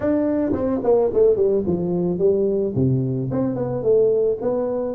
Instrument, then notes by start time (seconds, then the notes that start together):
tuba
0.00 D4
0.52 C4
0.83 A#3
1.13 A3
1.36 G3
1.66 F3
2.18 G3
2.75 C3
3.31 C4
3.55 B3
3.83 A3
4.41 B3